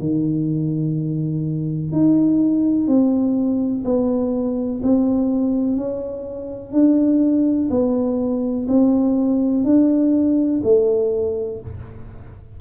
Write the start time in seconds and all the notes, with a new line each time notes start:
0.00 D#3
1.92 D#4
2.88 C4
3.85 B3
4.83 C4
5.77 C#4
6.73 D4
7.71 B3
8.68 C4
9.65 D4
10.64 A3